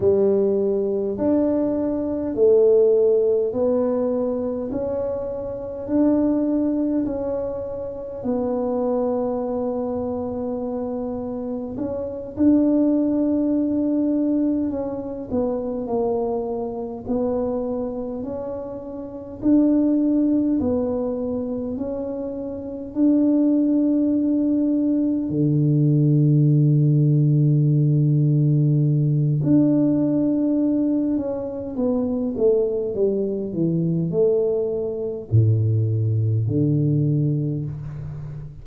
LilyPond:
\new Staff \with { instrumentName = "tuba" } { \time 4/4 \tempo 4 = 51 g4 d'4 a4 b4 | cis'4 d'4 cis'4 b4~ | b2 cis'8 d'4.~ | d'8 cis'8 b8 ais4 b4 cis'8~ |
cis'8 d'4 b4 cis'4 d'8~ | d'4. d2~ d8~ | d4 d'4. cis'8 b8 a8 | g8 e8 a4 a,4 d4 | }